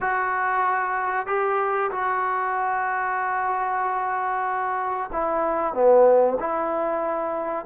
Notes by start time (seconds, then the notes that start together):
0.01 F#4
1.26 G4
1.91 F#4
5.12 E4
5.73 B3
6.39 E4